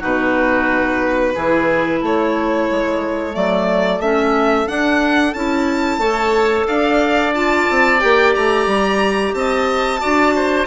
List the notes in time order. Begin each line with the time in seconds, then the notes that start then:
0.00 B2 D#4 F#4 B4
1.35 E3 E4 G#4
2.00 A3 A4 C#5
2.71 G#3
3.32 F#3 A3 D5
4.00 A3 C#4 E5
4.66 D4 F#5
5.34 C#4 E4 A5
5.98 A3 A4 C#5
6.67 D4 D5 F5
7.34 F4 A5
7.70 C4
7.99 A#3 G4 G5
8.36 A3 A#5
8.67 G3
9.34 C4 D#5 A5
10.00 D4 F#4 D5
10.36 C5